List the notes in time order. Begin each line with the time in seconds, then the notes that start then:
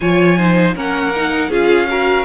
0.00 F3 F4 C#5 G#5
0.37 D#4 C5
0.74 A#3 C#4 A#4 F#5
1.15 D#4
1.49 C#4 F4 G#4 F5
1.88 F#4 A#4